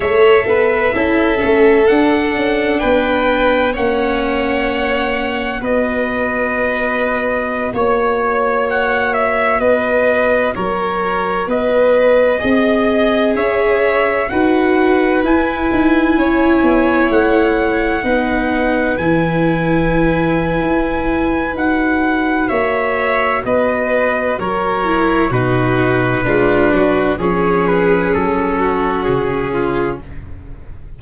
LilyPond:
<<
  \new Staff \with { instrumentName = "trumpet" } { \time 4/4 \tempo 4 = 64 e''2 fis''4 g''4 | fis''2 dis''2~ | dis''16 cis''4 fis''8 e''8 dis''4 cis''8.~ | cis''16 dis''2 e''4 fis''8.~ |
fis''16 gis''2 fis''4.~ fis''16~ | fis''16 gis''2~ gis''8. fis''4 | e''4 dis''4 cis''4 b'4~ | b'4 cis''8 b'8 a'4 gis'4 | }
  \new Staff \with { instrumentName = "violin" } { \time 4/4 cis''8 b'8 a'2 b'4 | cis''2 b'2~ | b'16 cis''2 b'4 ais'8.~ | ais'16 b'4 dis''4 cis''4 b'8.~ |
b'4~ b'16 cis''2 b'8.~ | b'1 | cis''4 b'4 ais'4 fis'4 | f'8 fis'8 gis'4. fis'4 f'8 | }
  \new Staff \with { instrumentName = "viola" } { \time 4/4 a'4 e'8 cis'8 d'2 | cis'2 fis'2~ | fis'1~ | fis'4~ fis'16 gis'2 fis'8.~ |
fis'16 e'2. dis'8.~ | dis'16 e'2~ e'8. fis'4~ | fis'2~ fis'8 e'8 dis'4 | d'4 cis'2. | }
  \new Staff \with { instrumentName = "tuba" } { \time 4/4 a8 b8 cis'8 a8 d'8 cis'8 b4 | ais2 b2~ | b16 ais2 b4 fis8.~ | fis16 b4 c'4 cis'4 dis'8.~ |
dis'16 e'8 dis'8 cis'8 b8 a4 b8.~ | b16 e4.~ e16 e'4 dis'4 | ais4 b4 fis4 b,4 | gis8 fis8 f4 fis4 cis4 | }
>>